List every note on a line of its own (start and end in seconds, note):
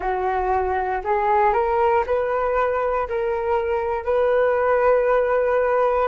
0.00 1.02 F#4
1.04 1.53 G#4
1.53 2.04 A#4
2.06 3.07 B4
3.08 4.04 A#4
4.04 6.08 B4